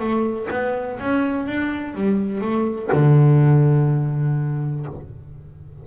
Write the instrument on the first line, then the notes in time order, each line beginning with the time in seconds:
double bass
0.00 A3
0.51 B3
1.00 C#4
1.47 D4
1.95 G3
2.42 A3
2.93 D3